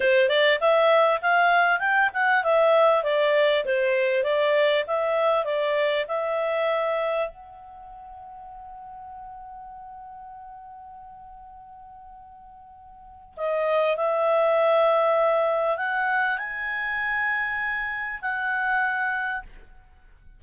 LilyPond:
\new Staff \with { instrumentName = "clarinet" } { \time 4/4 \tempo 4 = 99 c''8 d''8 e''4 f''4 g''8 fis''8 | e''4 d''4 c''4 d''4 | e''4 d''4 e''2 | fis''1~ |
fis''1~ | fis''2 dis''4 e''4~ | e''2 fis''4 gis''4~ | gis''2 fis''2 | }